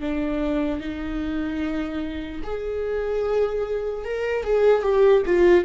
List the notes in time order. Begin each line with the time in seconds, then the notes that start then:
0.00 D4
0.80 D#4
2.43 G#4
4.04 A#4
4.43 G#4
4.82 G4
5.26 F4